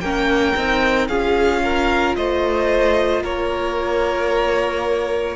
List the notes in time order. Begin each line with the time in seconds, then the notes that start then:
0.00 A#3 C#4 A#4 G5
0.56 C4 D#4
1.08 C#4 F4 G#4 F5
1.63 A#4
2.16 A3 C5 D#5
3.22 A#3 A#4 C#5